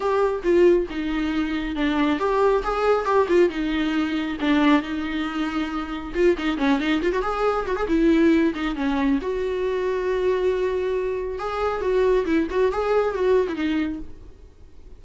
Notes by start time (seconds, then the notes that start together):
0.00 G4
0.43 F4
0.90 D#4
1.75 D4
2.19 G4
2.63 G#4
3.05 G4
3.28 F4
3.49 D#4
4.40 D4
4.82 D#4
6.14 F4
6.37 D#4
6.57 C#4
6.79 D#4
7.02 F4
7.12 F#4
7.22 G#4
7.66 F#4
7.75 G#4
7.88 E4
8.54 D#4
8.75 C#4
9.21 F#4
11.38 G#4
11.81 F#4
12.25 E4
12.50 F#4
12.71 G#4
13.14 F#4
13.48 E4
13.55 D#4